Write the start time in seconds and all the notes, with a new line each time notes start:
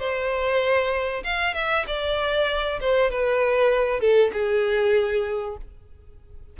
0.00 C5
1.24 F5
1.55 E5
1.88 D5
2.81 C5
3.11 B4
4.01 A4
4.34 G#4